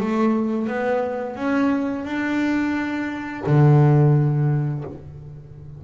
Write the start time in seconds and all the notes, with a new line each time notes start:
0.00 A3
0.67 B3
1.36 C#4
2.05 D4
3.46 D3